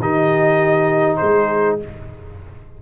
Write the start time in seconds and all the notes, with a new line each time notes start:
0.00 D#3 D#4 G4 D#5
1.17 G#3 G#4 C5